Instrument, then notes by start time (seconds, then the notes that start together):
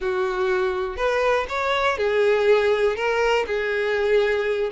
violin
0.00 F#4
0.97 B4
1.48 C#5
1.97 G#4
2.96 A#4
3.46 G#4